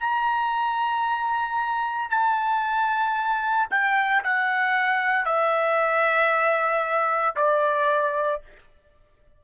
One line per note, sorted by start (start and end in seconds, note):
0.00 2.10 A#5
2.10 3.68 A5
3.70 4.22 G5
4.23 5.25 F#5
5.25 7.35 E5
7.36 8.41 D5